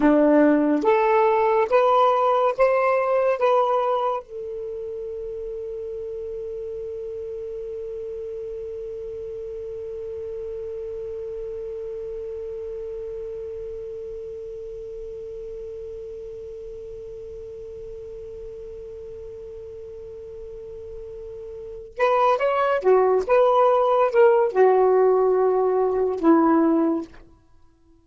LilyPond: \new Staff \with { instrumentName = "saxophone" } { \time 4/4 \tempo 4 = 71 d'4 a'4 b'4 c''4 | b'4 a'2.~ | a'1~ | a'1~ |
a'1~ | a'1~ | a'2 b'8 cis''8 fis'8 b'8~ | b'8 ais'8 fis'2 e'4 | }